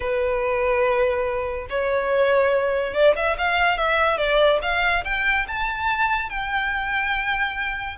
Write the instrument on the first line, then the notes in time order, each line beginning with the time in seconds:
violin
0.00 B4
1.69 C#5
2.93 D5
3.15 E5
3.38 F5
3.77 E5
4.17 D5
4.62 F5
5.04 G5
5.47 A5
6.29 G5